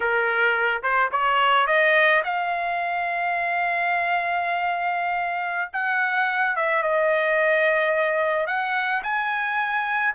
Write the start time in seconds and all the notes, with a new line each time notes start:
0.00 A#4
0.82 C5
1.11 C#5
1.67 D#5
2.24 F5
5.72 F#5
6.56 E5
6.82 D#5
8.46 F#5
9.03 G#5